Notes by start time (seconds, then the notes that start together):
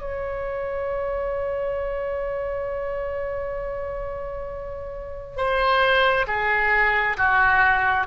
0.00 C#5
5.36 C5
6.27 G#4
7.17 F#4